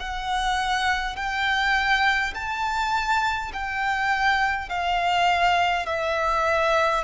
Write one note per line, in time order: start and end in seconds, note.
0.00 1.16 F#5
1.16 2.34 G5
2.35 3.52 A5
3.54 4.70 G5
4.70 5.87 F5
5.87 7.04 E5